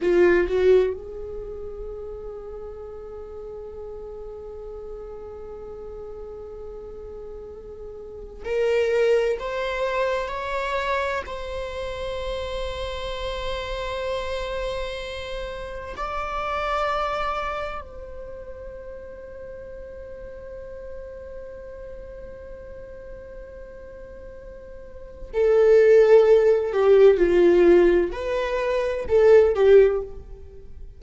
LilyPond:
\new Staff \with { instrumentName = "viola" } { \time 4/4 \tempo 4 = 64 f'8 fis'8 gis'2.~ | gis'1~ | gis'4 ais'4 c''4 cis''4 | c''1~ |
c''4 d''2 c''4~ | c''1~ | c''2. a'4~ | a'8 g'8 f'4 b'4 a'8 g'8 | }